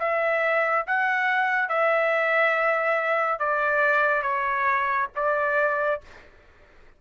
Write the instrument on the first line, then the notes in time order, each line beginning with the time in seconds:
trumpet
0.00 E5
0.87 F#5
1.69 E5
3.40 D5
4.23 C#5
5.16 D5